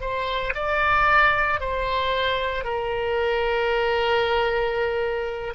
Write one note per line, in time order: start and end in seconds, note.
0.00 0.53 C5
0.55 1.60 D5
1.60 2.64 C5
2.64 5.53 A#4